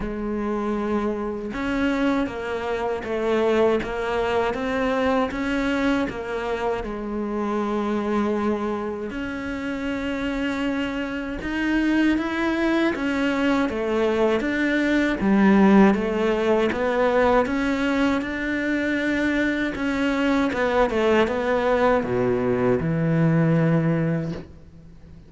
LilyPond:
\new Staff \with { instrumentName = "cello" } { \time 4/4 \tempo 4 = 79 gis2 cis'4 ais4 | a4 ais4 c'4 cis'4 | ais4 gis2. | cis'2. dis'4 |
e'4 cis'4 a4 d'4 | g4 a4 b4 cis'4 | d'2 cis'4 b8 a8 | b4 b,4 e2 | }